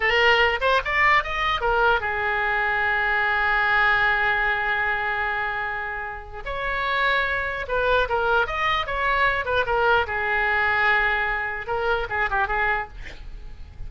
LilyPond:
\new Staff \with { instrumentName = "oboe" } { \time 4/4 \tempo 4 = 149 ais'4. c''8 d''4 dis''4 | ais'4 gis'2.~ | gis'1~ | gis'1 |
cis''2. b'4 | ais'4 dis''4 cis''4. b'8 | ais'4 gis'2.~ | gis'4 ais'4 gis'8 g'8 gis'4 | }